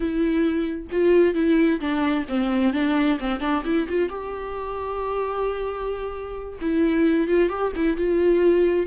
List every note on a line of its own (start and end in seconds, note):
0.00 0.87 E4
0.91 1.34 F4
1.34 1.80 E4
1.80 2.25 D4
2.28 2.73 C4
2.73 3.18 D4
3.19 3.39 C4
3.39 3.62 D4
3.64 3.87 E4
3.88 4.09 F4
4.09 6.59 G4
6.61 7.27 E4
7.27 7.49 F4
7.49 7.72 G4
7.75 7.96 E4
7.96 8.86 F4